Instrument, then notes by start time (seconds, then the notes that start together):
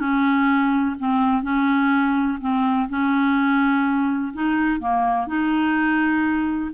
clarinet
0.00 C#4
0.99 C4
1.43 C#4
2.41 C4
2.89 C#4
4.34 D#4
4.80 A#3
5.28 D#4